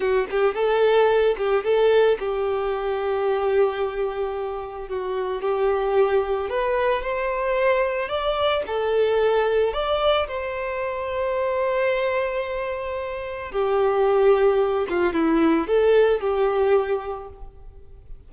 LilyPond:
\new Staff \with { instrumentName = "violin" } { \time 4/4 \tempo 4 = 111 fis'8 g'8 a'4. g'8 a'4 | g'1~ | g'4 fis'4 g'2 | b'4 c''2 d''4 |
a'2 d''4 c''4~ | c''1~ | c''4 g'2~ g'8 f'8 | e'4 a'4 g'2 | }